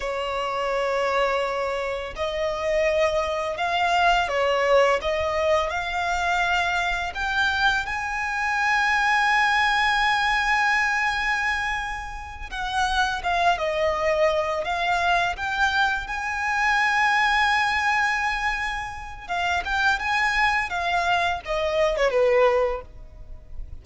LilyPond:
\new Staff \with { instrumentName = "violin" } { \time 4/4 \tempo 4 = 84 cis''2. dis''4~ | dis''4 f''4 cis''4 dis''4 | f''2 g''4 gis''4~ | gis''1~ |
gis''4. fis''4 f''8 dis''4~ | dis''8 f''4 g''4 gis''4.~ | gis''2. f''8 g''8 | gis''4 f''4 dis''8. cis''16 b'4 | }